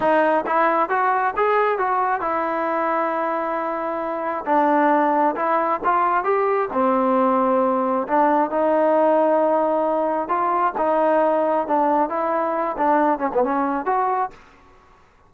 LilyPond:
\new Staff \with { instrumentName = "trombone" } { \time 4/4 \tempo 4 = 134 dis'4 e'4 fis'4 gis'4 | fis'4 e'2.~ | e'2 d'2 | e'4 f'4 g'4 c'4~ |
c'2 d'4 dis'4~ | dis'2. f'4 | dis'2 d'4 e'4~ | e'8 d'4 cis'16 b16 cis'4 fis'4 | }